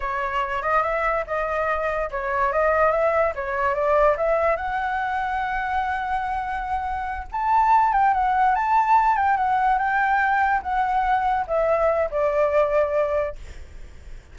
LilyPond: \new Staff \with { instrumentName = "flute" } { \time 4/4 \tempo 4 = 144 cis''4. dis''8 e''4 dis''4~ | dis''4 cis''4 dis''4 e''4 | cis''4 d''4 e''4 fis''4~ | fis''1~ |
fis''4. a''4. g''8 fis''8~ | fis''8 a''4. g''8 fis''4 g''8~ | g''4. fis''2 e''8~ | e''4 d''2. | }